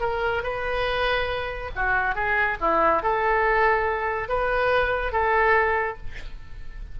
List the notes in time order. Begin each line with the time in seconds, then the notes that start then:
0.00 A#4
0.43 B4
1.75 F#4
2.15 G#4
2.60 E4
3.02 A4
4.28 B4
5.12 A4